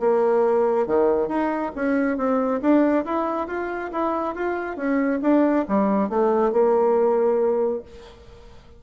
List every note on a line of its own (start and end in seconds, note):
0.00 0.87 A#3
0.87 1.29 D#3
1.29 1.72 D#4
1.76 2.18 C#4
2.18 2.61 C4
2.61 3.05 D4
3.06 3.48 E4
3.48 3.91 F4
3.92 4.35 E4
4.35 4.77 F4
4.77 5.20 C#4
5.22 5.66 D4
5.69 6.10 G3
6.10 6.53 A3
6.53 7.83 A#3